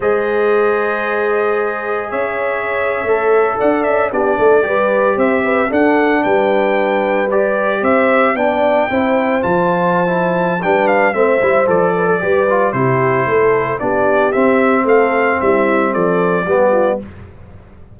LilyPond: <<
  \new Staff \with { instrumentName = "trumpet" } { \time 4/4 \tempo 4 = 113 dis''1 | e''2~ e''8. fis''8 e''8 d''16~ | d''4.~ d''16 e''4 fis''4 g''16~ | g''4.~ g''16 d''4 e''4 g''16~ |
g''4.~ g''16 a''2~ a''16 | g''8 f''8 e''4 d''2 | c''2 d''4 e''4 | f''4 e''4 d''2 | }
  \new Staff \with { instrumentName = "horn" } { \time 4/4 c''1 | cis''2~ cis''8. d''4 g'16~ | g'16 a'8 b'4 c''8 b'8 a'4 b'16~ | b'2~ b'8. c''4 d''16~ |
d''8. c''2.~ c''16 | b'4 c''4. b'16 a'16 b'4 | g'4 a'4 g'2 | a'4 e'4 a'4 g'8 f'8 | }
  \new Staff \with { instrumentName = "trombone" } { \time 4/4 gis'1~ | gis'4.~ gis'16 a'2 d'16~ | d'8. g'2 d'4~ d'16~ | d'4.~ d'16 g'2 d'16~ |
d'8. e'4 f'4~ f'16 e'4 | d'4 c'8 e'8 a'4 g'8 f'8 | e'2 d'4 c'4~ | c'2. b4 | }
  \new Staff \with { instrumentName = "tuba" } { \time 4/4 gis1 | cis'4.~ cis'16 a4 d'8 cis'8 b16~ | b16 a8 g4 c'4 d'4 g16~ | g2~ g8. c'4 b16~ |
b8. c'4 f2~ f16 | g4 a8 g8 f4 g4 | c4 a4 b4 c'4 | a4 g4 f4 g4 | }
>>